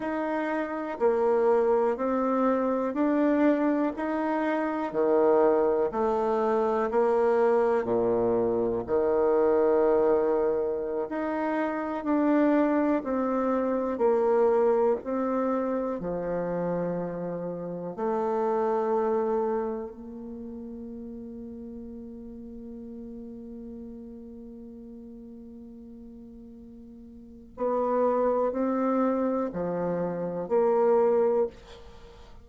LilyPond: \new Staff \with { instrumentName = "bassoon" } { \time 4/4 \tempo 4 = 61 dis'4 ais4 c'4 d'4 | dis'4 dis4 a4 ais4 | ais,4 dis2~ dis16 dis'8.~ | dis'16 d'4 c'4 ais4 c'8.~ |
c'16 f2 a4.~ a16~ | a16 ais2.~ ais8.~ | ais1 | b4 c'4 f4 ais4 | }